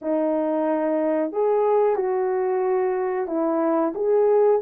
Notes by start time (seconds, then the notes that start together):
0.01 D#4
1.32 G#4
1.95 F#4
3.27 E4
3.94 G#4